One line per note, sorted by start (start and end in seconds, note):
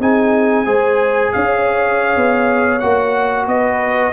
0.00 0.66 C4
0.00 0.66 D#4
0.00 0.66 G#4
0.00 1.33 G#5
0.66 1.32 G#3
0.66 2.80 G#4
0.66 1.32 C5
1.33 2.16 C#4
1.33 3.48 C#5
1.33 2.79 F5
2.16 2.82 B3
2.79 3.47 A#3
2.79 4.13 F#4
2.79 3.45 F#5
3.47 4.13 B3
3.47 4.13 B4
3.47 4.13 D#5